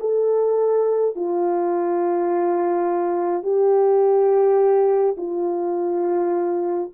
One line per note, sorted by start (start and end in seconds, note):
0.00 1.15 A4
1.15 3.42 F4
3.42 5.16 G4
5.17 6.90 F4